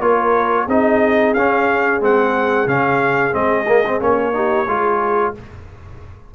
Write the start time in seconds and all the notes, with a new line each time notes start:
0.00 A#3 F4 A#4 C#5
0.65 C4 D#4 G#4 D#5
1.34 C#4 F5
2.00 G#3 C4 F#5
2.67 C#3 C#4 F5
3.32 G#3 C4 D#5
3.67 A#3
3.87 C4
4.00 A#3 C#4 C#5
4.33 D#4 G4
4.67 G#3 F4 G#4